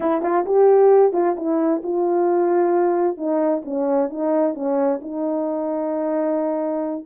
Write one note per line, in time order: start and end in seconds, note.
0.00 0.21 E4
0.21 0.44 F4
0.45 1.13 G4
1.13 1.35 F4
1.36 1.82 E4
1.83 3.17 F4
3.17 3.62 D#4
3.65 4.09 C#4
4.09 4.54 D#4
4.54 5.00 C#4
5.01 7.05 D#4